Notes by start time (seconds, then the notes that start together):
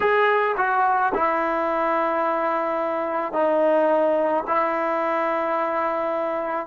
0.00 G#4
0.57 F#4
1.14 E4
3.32 D#4
4.47 E4